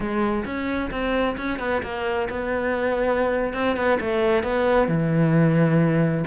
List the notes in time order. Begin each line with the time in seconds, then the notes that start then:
0.00 G#3
0.45 C#4
0.90 C4
1.37 C#4
1.59 B3
1.83 A#3
2.29 B3
3.53 C4
3.76 B3
4.00 A3
4.43 B3
4.88 E3